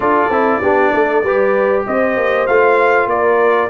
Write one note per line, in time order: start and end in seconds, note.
0.00 0.26 D4
0.00 0.31 F4
0.00 0.61 A4
0.00 1.83 D5
0.29 0.60 C4
0.29 0.62 E4
0.61 0.92 B3
0.61 1.24 D4
0.61 0.92 G4
0.93 1.23 A3
0.93 1.23 A4
1.23 1.85 G3
1.23 2.49 G4
1.23 1.85 B4
1.86 2.16 C4
1.86 3.10 C5
1.86 2.46 D#5
2.16 2.47 A#3
2.46 3.06 A3
2.46 3.70 F4
2.46 3.08 F5
3.06 3.68 A#3
3.06 3.70 A#4
3.06 3.70 D5